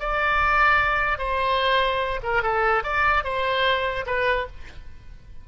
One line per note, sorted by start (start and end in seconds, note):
0.00 1.18 D5
1.18 2.20 C5
2.23 2.42 A#4
2.42 2.83 A4
2.84 3.24 D5
3.24 4.06 C5
4.06 4.47 B4